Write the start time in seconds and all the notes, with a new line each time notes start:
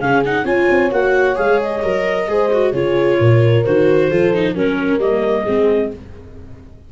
0.00 C#3 C#4 G#4 F5
0.25 D#4 F#5
0.44 C#4 F4 C#5 G#5
0.70 C4
0.91 A#3 F#4 F#5
1.35 G#3 G#4 F5
1.62 D#5
1.84 F#3 A#4
2.28 G#3 G#4 C5
2.52 F#4
2.73 C#3 F4 G#4 C#5
3.19 A#2 A#4
3.64 D#3 F#4 C5
4.08 F3 F4 A4
4.34 D#4
4.54 F#3 C#4 A#4
4.98 G3 A#3 D#5
5.43 G#3 C4 G#4